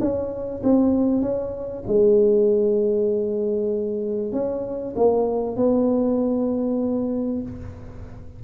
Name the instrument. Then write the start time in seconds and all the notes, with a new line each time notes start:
tuba
0.00 C#4
0.63 C4
1.21 C#4
1.87 G#3
4.32 C#4
4.96 A#3
5.56 B3